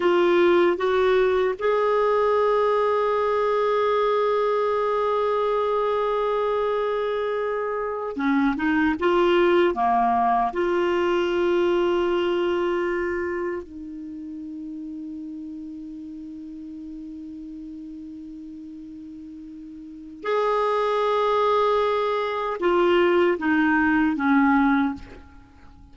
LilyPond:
\new Staff \with { instrumentName = "clarinet" } { \time 4/4 \tempo 4 = 77 f'4 fis'4 gis'2~ | gis'1~ | gis'2~ gis'8 cis'8 dis'8 f'8~ | f'8 ais4 f'2~ f'8~ |
f'4. dis'2~ dis'8~ | dis'1~ | dis'2 gis'2~ | gis'4 f'4 dis'4 cis'4 | }